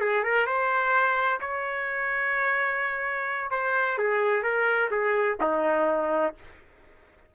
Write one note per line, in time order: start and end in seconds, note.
0.00 0.23 G#4
0.23 0.46 A#4
0.46 1.40 C5
1.40 3.50 C#5
3.50 3.97 C5
3.98 4.42 G#4
4.42 4.89 A#4
4.90 5.37 G#4
5.40 6.34 D#4